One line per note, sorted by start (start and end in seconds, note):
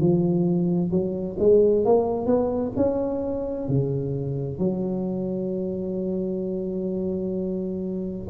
0.00 0.91 F3
0.91 1.37 F#3
1.39 1.85 G#3
1.85 2.26 A#3
2.26 2.72 B3
2.76 3.68 C#4
3.68 4.59 C#3
4.59 8.28 F#3